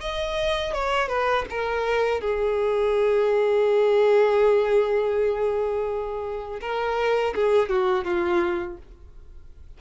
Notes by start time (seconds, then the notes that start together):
0.00 D#5
0.74 C#5
1.08 B4
1.50 A#4
2.21 G#4
6.61 A#4
7.35 G#4
7.69 F#4
8.04 F4